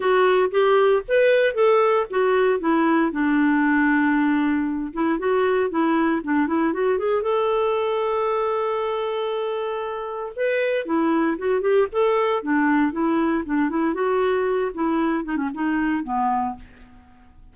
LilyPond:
\new Staff \with { instrumentName = "clarinet" } { \time 4/4 \tempo 4 = 116 fis'4 g'4 b'4 a'4 | fis'4 e'4 d'2~ | d'4. e'8 fis'4 e'4 | d'8 e'8 fis'8 gis'8 a'2~ |
a'1 | b'4 e'4 fis'8 g'8 a'4 | d'4 e'4 d'8 e'8 fis'4~ | fis'8 e'4 dis'16 cis'16 dis'4 b4 | }